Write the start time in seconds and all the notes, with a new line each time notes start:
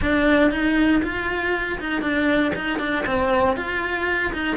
0.01 D4
0.50 D#4
1.02 F4
1.80 D#4
2.01 D4
2.55 D#4
2.79 D4
3.06 C4
3.56 F4
4.33 D#4